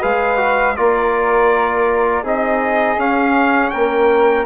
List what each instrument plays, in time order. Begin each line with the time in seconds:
0.00 bassoon G#3, trombone G#4, flute B4, trumpet F5
0.37 trombone F#4
0.76 bassoon A#3, trombone F4, flute A#4, trumpet D5
2.22 bassoon C4, trombone D#4, flute G#4, trumpet D#5
2.97 bassoon C#4, trombone C#4, trumpet F5
3.70 bassoon A#3, flute A#4, trumpet G5